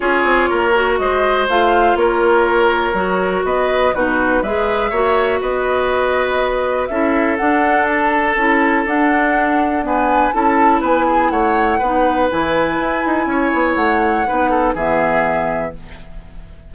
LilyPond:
<<
  \new Staff \with { instrumentName = "flute" } { \time 4/4 \tempo 4 = 122 cis''2 dis''4 f''4 | cis''2. dis''4 | b'4 e''2 dis''4~ | dis''2 e''4 fis''4 |
a''2 fis''2 | gis''4 a''4 gis''4 fis''4~ | fis''4 gis''2. | fis''2 e''2 | }
  \new Staff \with { instrumentName = "oboe" } { \time 4/4 gis'4 ais'4 c''2 | ais'2. b'4 | fis'4 b'4 cis''4 b'4~ | b'2 a'2~ |
a'1 | b'4 a'4 b'8 gis'8 cis''4 | b'2. cis''4~ | cis''4 b'8 a'8 gis'2 | }
  \new Staff \with { instrumentName = "clarinet" } { \time 4/4 f'4. fis'4. f'4~ | f'2 fis'2 | dis'4 gis'4 fis'2~ | fis'2 e'4 d'4~ |
d'4 e'4 d'2 | b4 e'2. | dis'4 e'2.~ | e'4 dis'4 b2 | }
  \new Staff \with { instrumentName = "bassoon" } { \time 4/4 cis'8 c'8 ais4 gis4 a4 | ais2 fis4 b4 | b,4 gis4 ais4 b4~ | b2 cis'4 d'4~ |
d'4 cis'4 d'2~ | d'4 cis'4 b4 a4 | b4 e4 e'8 dis'8 cis'8 b8 | a4 b4 e2 | }
>>